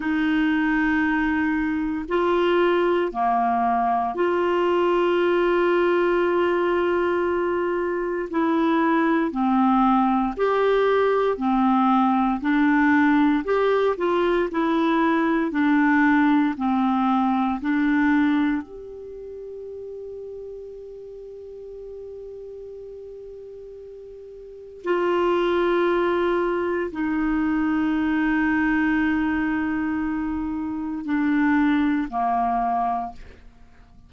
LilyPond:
\new Staff \with { instrumentName = "clarinet" } { \time 4/4 \tempo 4 = 58 dis'2 f'4 ais4 | f'1 | e'4 c'4 g'4 c'4 | d'4 g'8 f'8 e'4 d'4 |
c'4 d'4 g'2~ | g'1 | f'2 dis'2~ | dis'2 d'4 ais4 | }